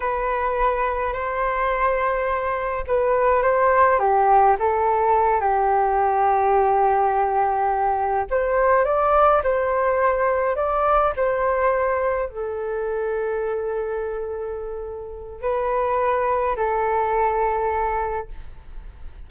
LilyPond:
\new Staff \with { instrumentName = "flute" } { \time 4/4 \tempo 4 = 105 b'2 c''2~ | c''4 b'4 c''4 g'4 | a'4. g'2~ g'8~ | g'2~ g'8 c''4 d''8~ |
d''8 c''2 d''4 c''8~ | c''4. a'2~ a'8~ | a'2. b'4~ | b'4 a'2. | }